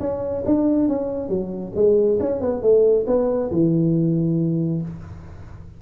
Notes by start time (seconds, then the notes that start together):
0.00 C#4
0.45 D4
0.88 C#4
1.29 F#3
1.75 G#3
2.20 C#4
2.41 B3
2.62 A3
3.07 B3
3.51 E3